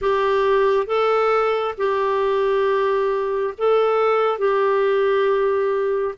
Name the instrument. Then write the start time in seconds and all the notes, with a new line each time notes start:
clarinet
0.01 G4
0.86 A4
1.77 G4
3.58 A4
4.38 G4